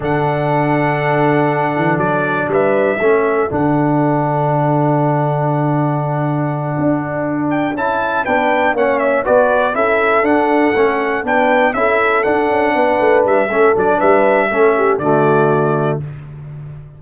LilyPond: <<
  \new Staff \with { instrumentName = "trumpet" } { \time 4/4 \tempo 4 = 120 fis''1 | d''4 e''2 fis''4~ | fis''1~ | fis''2. g''8 a''8~ |
a''8 g''4 fis''8 e''8 d''4 e''8~ | e''8 fis''2 g''4 e''8~ | e''8 fis''2 e''4 d''8 | e''2 d''2 | }
  \new Staff \with { instrumentName = "horn" } { \time 4/4 a'1~ | a'4 b'4 a'2~ | a'1~ | a'1~ |
a'8 b'4 cis''4 b'4 a'8~ | a'2~ a'8 b'4 a'8~ | a'4. b'4. a'4 | b'4 a'8 g'8 fis'2 | }
  \new Staff \with { instrumentName = "trombone" } { \time 4/4 d'1~ | d'2 cis'4 d'4~ | d'1~ | d'2.~ d'8 e'8~ |
e'8 d'4 cis'4 fis'4 e'8~ | e'8 d'4 cis'4 d'4 e'8~ | e'8 d'2~ d'8 cis'8 d'8~ | d'4 cis'4 a2 | }
  \new Staff \with { instrumentName = "tuba" } { \time 4/4 d2.~ d8 e8 | fis4 g4 a4 d4~ | d1~ | d4. d'2 cis'8~ |
cis'8 b4 ais4 b4 cis'8~ | cis'8 d'4 a4 b4 cis'8~ | cis'8 d'8 cis'8 b8 a8 g8 a8 fis8 | g4 a4 d2 | }
>>